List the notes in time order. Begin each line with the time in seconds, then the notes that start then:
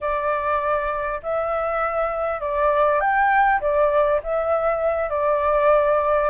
0.00 D5
1.22 E5
2.40 D5
3.00 G5
3.61 D5
4.23 E5
5.09 D5